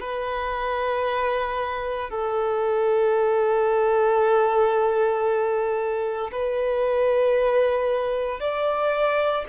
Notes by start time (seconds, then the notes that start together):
0.00 B4
2.10 A4
6.32 B4
8.40 D5